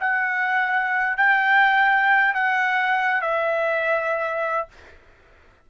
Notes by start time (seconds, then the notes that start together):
0.00 F#5
1.18 G5
2.35 F#5
3.22 E5